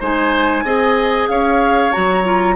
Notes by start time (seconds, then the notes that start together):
0.00 G#3 D#4 C5 G#5
0.64 C4 G#4 D#5
1.28 C#4 C#5 F5
1.92 F#3 F#4 A#5
2.24 F4